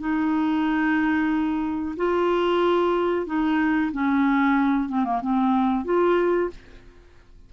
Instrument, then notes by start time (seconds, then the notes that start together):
clarinet
0.00 D#4
1.97 F4
3.26 D#4
3.92 C#4
4.89 C4
5.05 A#3
5.21 C4
5.85 F4